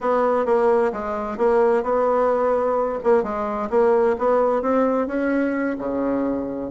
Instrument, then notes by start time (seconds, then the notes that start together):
bassoon
0.00 B3
0.45 A#3
0.92 G#3
1.37 A#3
1.83 B3
3.03 A#3
3.23 G#3
3.70 A#3
4.18 B3
4.62 C4
5.07 C#4
5.78 C#3